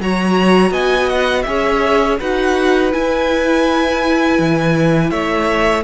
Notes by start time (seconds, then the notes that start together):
0.00 F#3 F#4 C#5 A#5
0.71 B3 D#5 G#5
1.09 F#5
1.43 C#4 G#4 C#5 E5
2.20 D#4 F#4 B4 F#5
2.92 E4 G#5
4.39 E3
5.10 A3 C#5 E5